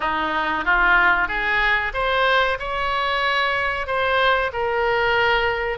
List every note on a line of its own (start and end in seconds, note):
0.00 0.65 D#4
0.65 1.28 F4
1.28 1.92 G#4
1.93 2.57 C5
2.59 3.87 C#5
3.87 4.51 C5
4.52 5.78 A#4